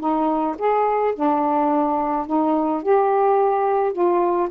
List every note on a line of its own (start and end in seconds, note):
0.00 0.56 D#4
0.59 1.15 G#4
1.15 2.27 D4
2.27 2.83 D#4
2.83 3.93 G4
3.93 4.49 F4